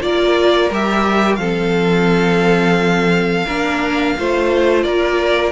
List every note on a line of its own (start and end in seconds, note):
0.00 0.70 A#3
0.00 0.69 F4
0.00 1.39 A#4
0.00 0.70 D5
0.70 1.37 G3
0.70 1.38 G4
0.70 1.35 E5
1.35 3.44 F3
1.35 3.45 C4
1.35 3.46 A4
1.35 4.80 F5
3.46 4.17 A#3
3.46 4.17 D4
3.46 4.15 A#4
4.18 4.84 A3
4.18 5.52 F4
4.18 4.84 C5
4.82 5.52 A#3
4.82 5.52 A#4
4.82 5.51 D5